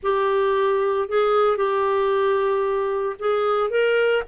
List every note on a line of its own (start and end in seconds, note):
0.02 1.08 G4
1.08 1.57 G#4
1.57 3.16 G4
3.19 3.70 G#4
3.70 4.23 A#4